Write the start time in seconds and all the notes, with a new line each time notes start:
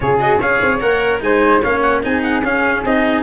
0.00 C#3 F4 G#4 C#5
0.19 F#4 D#5
0.40 C#4 G#4 C#5 F5
0.61 C4
0.80 A#3 A#4 F#5
1.20 G#3 D#4 C5 G#5
1.61 A#3 C#4 C#5 F5
1.81 F#5
2.02 C4 D#4 G#4 G#5
2.22 F#5
2.42 C#4 F5
2.84 C4 D#4 D#5